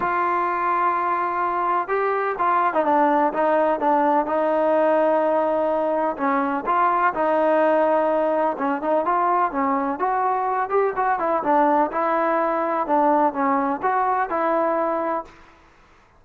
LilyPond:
\new Staff \with { instrumentName = "trombone" } { \time 4/4 \tempo 4 = 126 f'1 | g'4 f'8. dis'16 d'4 dis'4 | d'4 dis'2.~ | dis'4 cis'4 f'4 dis'4~ |
dis'2 cis'8 dis'8 f'4 | cis'4 fis'4. g'8 fis'8 e'8 | d'4 e'2 d'4 | cis'4 fis'4 e'2 | }